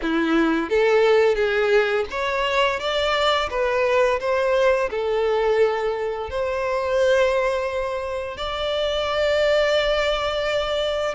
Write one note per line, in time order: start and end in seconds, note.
0.02 0.69 E4
0.69 1.35 A4
1.35 2.05 G#4
2.10 2.79 C#5
2.79 3.49 D5
3.49 4.19 B4
4.20 4.89 C5
4.90 6.29 A4
6.30 8.37 C5
8.37 11.14 D5